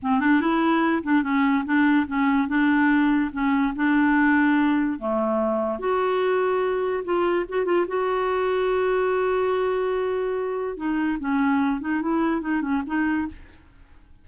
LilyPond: \new Staff \with { instrumentName = "clarinet" } { \time 4/4 \tempo 4 = 145 c'8 d'8 e'4. d'8 cis'4 | d'4 cis'4 d'2 | cis'4 d'2. | a2 fis'2~ |
fis'4 f'4 fis'8 f'8 fis'4~ | fis'1~ | fis'2 dis'4 cis'4~ | cis'8 dis'8 e'4 dis'8 cis'8 dis'4 | }